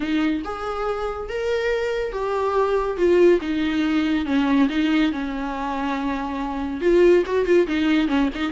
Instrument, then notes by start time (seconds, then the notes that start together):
viola
0.00 D#4
0.44 G#4
1.29 A#4
2.12 G4
2.97 F4
3.41 D#4
4.25 C#4
4.69 D#4
5.12 C#4
6.80 F4
7.26 F#4
7.45 F4
7.67 D#4
8.08 C#4
8.34 D#4